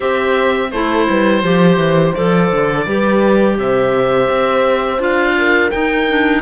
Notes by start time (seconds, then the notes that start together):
0.00 C4 G4 C5 E5
0.71 A3 E4 A4 C5
1.09 G3 B4
1.42 F3 G4 C5
1.76 E3
2.14 F3 A4 D5
2.51 D3
2.86 G3 G4 B4
3.57 C3 C5 E5
4.29 C4
4.99 D4 F4 F5
5.38 A#4
5.70 D#4 G5
6.08 D4